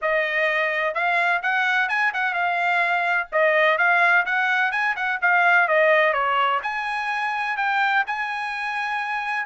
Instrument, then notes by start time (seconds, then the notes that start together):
trumpet
0.01 D#5
0.94 F5
1.42 F#5
1.88 G#5
2.13 F#5
2.33 F5
3.32 D#5
3.78 F5
4.25 F#5
4.71 G#5
4.96 F#5
5.21 F5
5.68 D#5
6.13 C#5
6.62 G#5
7.57 G5
8.07 G#5